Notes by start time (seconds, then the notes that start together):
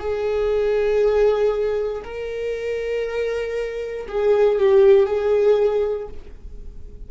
0.00 G#4
2.04 A#4
4.09 G#4
4.59 G4
5.07 G#4